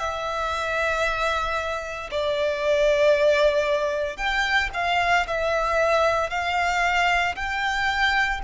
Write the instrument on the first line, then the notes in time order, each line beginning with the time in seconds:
violin
0.00 E5
2.11 D5
4.18 G5
4.74 F5
5.28 E5
6.31 F5
7.36 G5